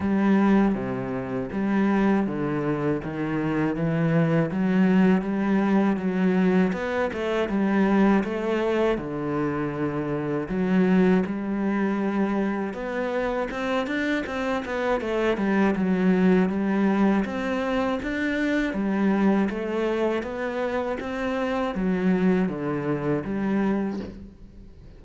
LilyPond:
\new Staff \with { instrumentName = "cello" } { \time 4/4 \tempo 4 = 80 g4 c4 g4 d4 | dis4 e4 fis4 g4 | fis4 b8 a8 g4 a4 | d2 fis4 g4~ |
g4 b4 c'8 d'8 c'8 b8 | a8 g8 fis4 g4 c'4 | d'4 g4 a4 b4 | c'4 fis4 d4 g4 | }